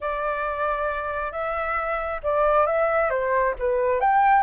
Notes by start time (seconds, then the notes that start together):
0.00 D5
1.32 E5
2.23 D5
2.66 E5
3.09 C5
3.58 B4
4.00 G5